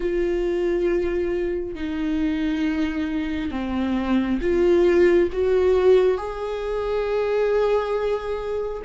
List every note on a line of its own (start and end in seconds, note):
0.00 1.75 F4
1.75 3.51 D#4
3.51 4.39 C4
4.41 5.29 F4
5.32 6.17 F#4
6.17 8.82 G#4